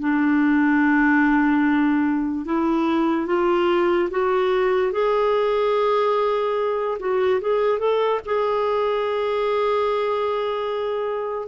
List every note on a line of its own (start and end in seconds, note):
0.00 2.45 D4
2.45 3.27 E4
3.27 4.09 F4
4.11 4.92 F#4
4.92 6.98 G#4
7.00 7.41 F#4
7.41 7.79 G#4
7.79 8.20 A4
8.26 11.48 G#4